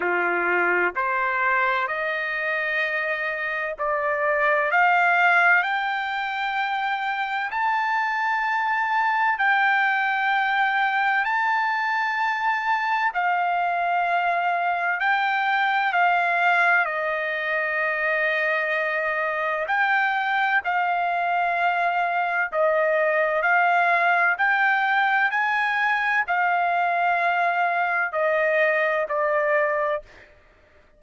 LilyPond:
\new Staff \with { instrumentName = "trumpet" } { \time 4/4 \tempo 4 = 64 f'4 c''4 dis''2 | d''4 f''4 g''2 | a''2 g''2 | a''2 f''2 |
g''4 f''4 dis''2~ | dis''4 g''4 f''2 | dis''4 f''4 g''4 gis''4 | f''2 dis''4 d''4 | }